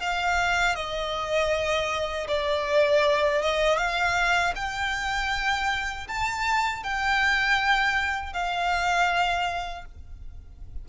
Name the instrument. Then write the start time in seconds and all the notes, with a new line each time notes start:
violin
0.00 F5
0.75 D#5
2.28 D5
3.41 D#5
3.77 F5
4.55 G5
6.07 A5
6.83 G5
8.33 F5